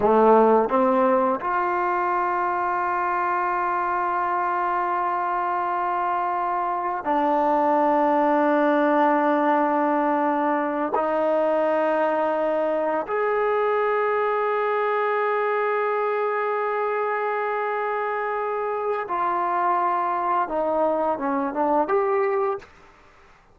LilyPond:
\new Staff \with { instrumentName = "trombone" } { \time 4/4 \tempo 4 = 85 a4 c'4 f'2~ | f'1~ | f'2 d'2~ | d'2.~ d'8 dis'8~ |
dis'2~ dis'8 gis'4.~ | gis'1~ | gis'2. f'4~ | f'4 dis'4 cis'8 d'8 g'4 | }